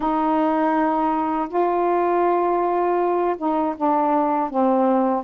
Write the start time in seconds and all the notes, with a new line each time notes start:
0.00 D#4
1.48 F4
3.37 D#4
3.76 D4
4.50 C4